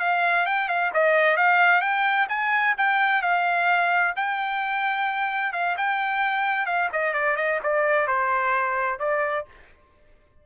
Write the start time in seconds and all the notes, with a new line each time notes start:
0.00 F5
0.46 G5
0.68 F5
0.94 D#5
1.37 F5
1.81 G5
2.29 G#5
2.78 G5
3.22 F5
4.16 G5
5.53 F5
5.77 G5
6.66 F5
6.93 D#5
7.14 D5
7.37 D#5
7.63 D5
8.07 C5
8.99 D5